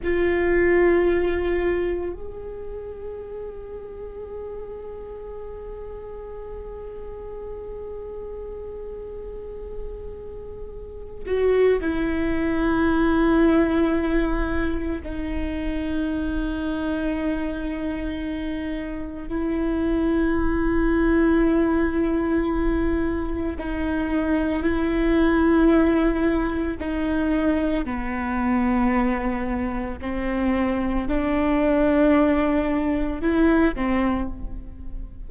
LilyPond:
\new Staff \with { instrumentName = "viola" } { \time 4/4 \tempo 4 = 56 f'2 gis'2~ | gis'1~ | gis'2~ gis'8 fis'8 e'4~ | e'2 dis'2~ |
dis'2 e'2~ | e'2 dis'4 e'4~ | e'4 dis'4 b2 | c'4 d'2 e'8 c'8 | }